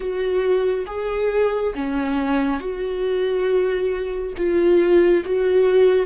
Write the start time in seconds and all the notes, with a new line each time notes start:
0.00 F#4
0.86 G#4
1.74 C#4
2.59 F#4
4.37 F4
5.25 F#4